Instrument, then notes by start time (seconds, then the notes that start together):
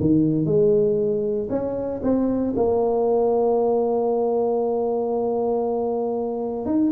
tuba
0.00 D#3
0.45 G#3
1.49 C#4
2.02 C4
2.56 A#3
6.65 D#4